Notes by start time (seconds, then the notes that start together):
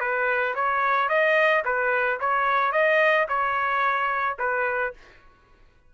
0.00 B4
0.55 C#5
1.09 D#5
1.65 B4
2.20 C#5
2.72 D#5
3.28 C#5
4.39 B4